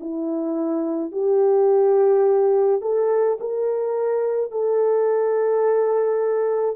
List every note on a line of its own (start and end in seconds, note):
0.00 1.12 E4
1.12 2.81 G4
2.81 3.38 A4
3.41 4.51 A#4
4.51 6.76 A4